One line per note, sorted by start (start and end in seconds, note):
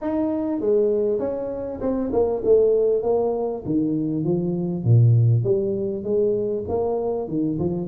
0.01 0.60 D#4
0.60 1.19 G#3
1.19 1.80 C#4
1.80 2.10 C4
2.12 2.42 A#3
2.44 3.02 A3
3.02 3.63 A#3
3.65 4.23 D#3
4.23 4.84 F3
4.84 5.43 A#2
5.43 6.03 G3
6.03 6.64 G#3
6.68 7.28 A#3
7.28 7.58 D#3
7.58 7.87 F3